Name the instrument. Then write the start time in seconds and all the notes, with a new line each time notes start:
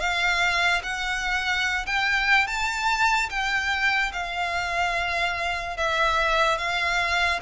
violin
0.00 F5
0.84 F#5
1.86 G5
2.48 A5
3.30 G5
4.13 F5
5.78 E5
6.58 F5